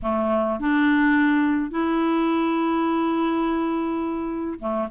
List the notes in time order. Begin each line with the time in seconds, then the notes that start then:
0.02 A3
0.59 D4
1.70 E4
4.59 A3